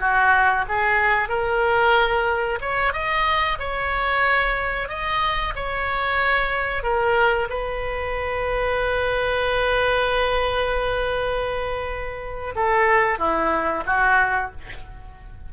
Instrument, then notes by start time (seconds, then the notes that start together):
oboe
0.00 F#4
0.68 G#4
1.29 A#4
2.61 C#5
2.93 D#5
3.59 C#5
4.89 D#5
5.56 C#5
6.83 A#4
7.49 B4
12.55 A4
13.19 E4
13.86 F#4